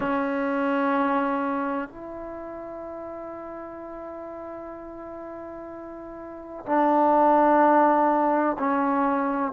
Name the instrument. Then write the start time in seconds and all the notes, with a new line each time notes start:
trombone
0.00 C#4
1.88 E4
6.66 D4
8.58 C#4